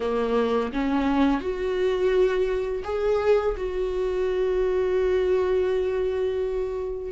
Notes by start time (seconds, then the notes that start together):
0.00 A#3
0.72 C#4
1.40 F#4
2.84 G#4
3.56 F#4